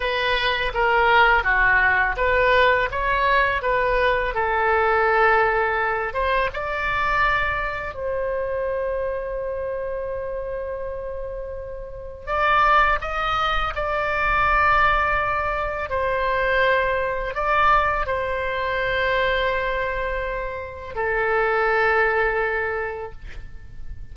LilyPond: \new Staff \with { instrumentName = "oboe" } { \time 4/4 \tempo 4 = 83 b'4 ais'4 fis'4 b'4 | cis''4 b'4 a'2~ | a'8 c''8 d''2 c''4~ | c''1~ |
c''4 d''4 dis''4 d''4~ | d''2 c''2 | d''4 c''2.~ | c''4 a'2. | }